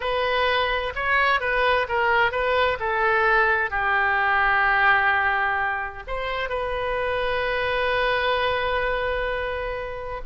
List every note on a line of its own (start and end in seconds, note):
0.00 0.93 B4
0.95 1.40 C#5
1.40 1.86 B4
1.88 2.31 A#4
2.31 2.78 B4
2.79 3.70 A4
3.70 6.03 G4
6.07 6.49 C5
6.49 10.21 B4